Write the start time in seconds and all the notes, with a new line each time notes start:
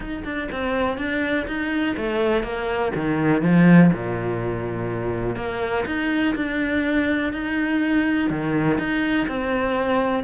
0.00 D#4
0.24 D4
0.51 C4
0.97 D4
1.47 D#4
1.96 A3
2.43 A#3
2.95 D#3
3.41 F3
3.92 A#2
5.36 A#3
5.86 D#4
6.35 D4
7.33 D#4
8.29 D#3
8.78 D#4
9.27 C4